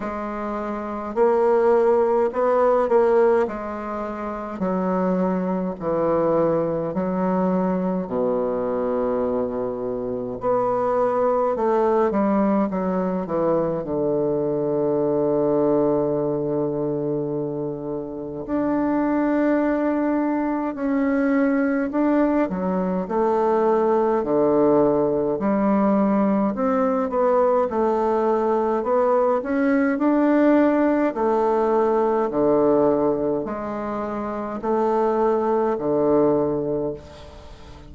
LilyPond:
\new Staff \with { instrumentName = "bassoon" } { \time 4/4 \tempo 4 = 52 gis4 ais4 b8 ais8 gis4 | fis4 e4 fis4 b,4~ | b,4 b4 a8 g8 fis8 e8 | d1 |
d'2 cis'4 d'8 fis8 | a4 d4 g4 c'8 b8 | a4 b8 cis'8 d'4 a4 | d4 gis4 a4 d4 | }